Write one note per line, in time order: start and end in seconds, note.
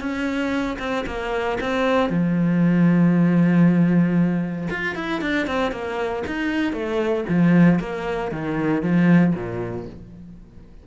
0.00 0.78 C#4
0.79 1.05 C4
1.07 1.58 A#3
1.60 2.10 C4
2.10 4.68 F3
4.70 4.95 F4
4.95 5.21 E4
5.21 5.47 D4
5.47 5.72 C4
5.72 6.24 A#3
6.27 6.73 D#4
6.73 7.25 A3
7.29 7.80 F3
7.80 8.32 A#3
8.32 8.82 D#3
8.82 9.34 F3
9.35 9.87 A#2